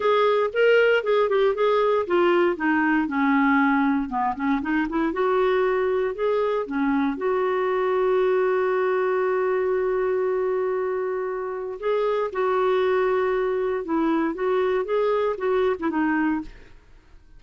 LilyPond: \new Staff \with { instrumentName = "clarinet" } { \time 4/4 \tempo 4 = 117 gis'4 ais'4 gis'8 g'8 gis'4 | f'4 dis'4 cis'2 | b8 cis'8 dis'8 e'8 fis'2 | gis'4 cis'4 fis'2~ |
fis'1~ | fis'2. gis'4 | fis'2. e'4 | fis'4 gis'4 fis'8. e'16 dis'4 | }